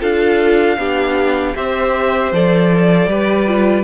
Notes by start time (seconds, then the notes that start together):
0.00 D4 F4 A4 F5
0.78 B3 D4 G4
1.55 C4 G4 C5 E5
2.32 F3 A4 D5
3.07 G3 G4 B4
3.47 F4